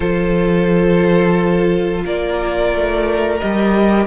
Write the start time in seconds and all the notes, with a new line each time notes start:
0.00 F3 F4 A4 C5
2.05 A#3 A#4 D5
2.73 A3
3.39 G3 G4 D#5